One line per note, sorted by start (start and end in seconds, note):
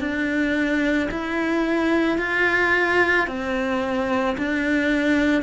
0.00 1.09 D4
1.11 2.18 E4
2.18 3.27 F4
3.28 4.37 C4
4.38 5.43 D4